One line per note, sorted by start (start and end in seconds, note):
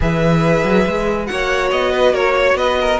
0.00 0.63 E3
0.00 1.26 G#4
0.00 1.29 B4
0.00 1.26 E5
0.63 0.85 F#3
0.86 1.29 G#3
1.26 1.72 A#3
1.26 2.98 F#4
1.26 1.91 C#5
1.26 1.69 F#5
1.71 2.13 B3
1.71 2.14 D#5
1.91 2.12 B4
2.12 2.54 A#3
2.12 2.34 A#4
2.12 2.56 C#5
2.36 2.57 C#5
2.54 2.97 B3
2.54 2.78 B4
2.54 2.99 D#5
2.81 3.00 A#4